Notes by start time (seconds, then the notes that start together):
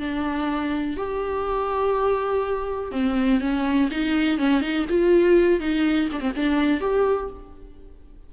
0.00 D4
0.97 G4
2.92 C4
3.41 C#4
3.91 D#4
4.39 C#4
4.61 D#4
4.89 F4
5.60 D#4
6.12 D4
6.20 C4
6.37 D4
6.81 G4